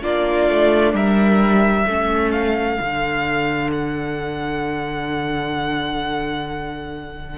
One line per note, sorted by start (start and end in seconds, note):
0.00 0.49 A#3
0.00 1.85 D4
0.00 0.93 F4
0.00 0.95 D5
0.49 0.93 A3
0.93 1.85 G3
0.93 1.86 A#4
0.93 2.32 E5
1.86 2.79 A3
1.86 2.79 C#4
1.86 7.37 A4
2.32 3.70 F5
2.79 7.37 D3
2.79 7.37 D4
3.72 7.37 F#5